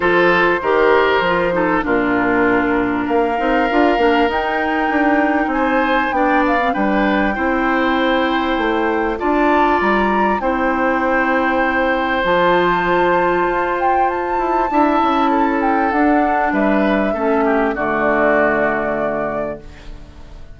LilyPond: <<
  \new Staff \with { instrumentName = "flute" } { \time 4/4 \tempo 4 = 98 c''2. ais'4~ | ais'4 f''2 g''4~ | g''4 gis''4 g''8 f''8 g''4~ | g''2. a''4 |
ais''4 g''2. | a''2~ a''8 g''8 a''4~ | a''4. g''8 fis''4 e''4~ | e''4 d''2. | }
  \new Staff \with { instrumentName = "oboe" } { \time 4/4 a'4 ais'4. a'8 f'4~ | f'4 ais'2.~ | ais'4 c''4 d''4 b'4 | c''2. d''4~ |
d''4 c''2.~ | c''1 | e''4 a'2 b'4 | a'8 g'8 fis'2. | }
  \new Staff \with { instrumentName = "clarinet" } { \time 4/4 f'4 g'4 f'8 dis'8 d'4~ | d'4. dis'8 f'8 d'8 dis'4~ | dis'2 d'8. c'16 d'4 | e'2. f'4~ |
f'4 e'2. | f'1 | e'2 d'2 | cis'4 a2. | }
  \new Staff \with { instrumentName = "bassoon" } { \time 4/4 f4 dis4 f4 ais,4~ | ais,4 ais8 c'8 d'8 ais8 dis'4 | d'4 c'4 b4 g4 | c'2 a4 d'4 |
g4 c'2. | f2 f'4. e'8 | d'8 cis'4. d'4 g4 | a4 d2. | }
>>